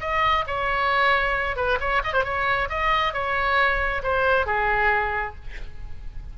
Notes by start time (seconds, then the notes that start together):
0.00 D#5
0.46 C#5
1.56 B4
1.80 C#5
2.04 D#5
2.13 C5
2.24 C#5
2.69 D#5
3.13 C#5
4.03 C5
4.46 G#4